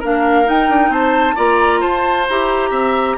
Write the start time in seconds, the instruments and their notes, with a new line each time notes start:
0.00 bassoon A#3, clarinet D4, oboe A#4, flute F5
0.45 clarinet D#4, bassoon D#4, flute G5
0.69 bassoon D4
0.89 bassoon C4, oboe C5, flute A5
1.36 bassoon A#3, clarinet F4, oboe D5, flute A#5
1.81 bassoon F4, oboe C5, flute A5
2.29 bassoon E4, clarinet G4, flute A#5
2.71 bassoon C4, oboe E5